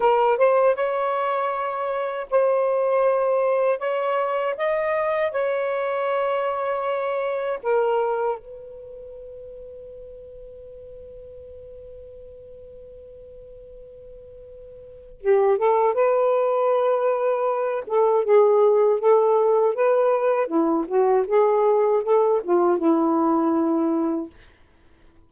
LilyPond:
\new Staff \with { instrumentName = "saxophone" } { \time 4/4 \tempo 4 = 79 ais'8 c''8 cis''2 c''4~ | c''4 cis''4 dis''4 cis''4~ | cis''2 ais'4 b'4~ | b'1~ |
b'1 | g'8 a'8 b'2~ b'8 a'8 | gis'4 a'4 b'4 e'8 fis'8 | gis'4 a'8 f'8 e'2 | }